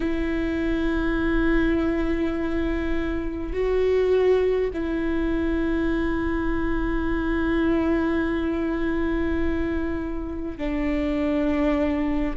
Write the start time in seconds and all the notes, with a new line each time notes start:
0.00 E4
3.52 F#4
4.73 E4
10.57 D4